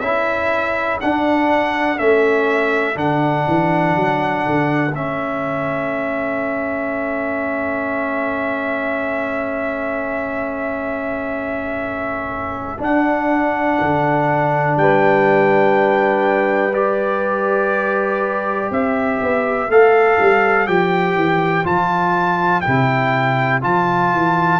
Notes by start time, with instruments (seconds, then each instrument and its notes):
0.00 tuba C#4, trombone E4, horn A4, trumpet E5
1.01 trombone D4, tuba D4, trumpet F#5
1.98 tuba A3, trombone C#4, trumpet E5
2.95 tuba D3, trombone D4, trumpet F#5
3.48 tuba E3
3.96 tuba F#3
4.46 tuba D3
4.93 tuba A3, trombone C#4, trumpet E5
12.78 trombone D4, tuba D4, trumpet F#5
13.81 tuba D3
14.77 tuba G3, horn B4, trumpet G5
16.73 trombone G4, trumpet D5
18.71 tuba C4, horn C5, trumpet E5
19.21 tuba B3
19.69 tuba A3, trombone A4, trumpet F5
20.20 tuba G3
20.67 tuba F3, trombone G4, trumpet G5
21.16 tuba E3
21.64 tuba F3, trombone F4, trumpet A5
22.61 tuba C3, trombone E4, trumpet G5
23.61 tuba F3, trombone F4, trumpet A5
24.13 tuba E3